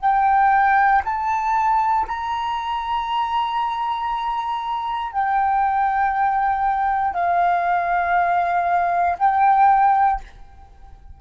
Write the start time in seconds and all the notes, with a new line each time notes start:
0.00 G5
1.04 A5
2.07 A#5
5.12 G5
7.13 F5
9.18 G5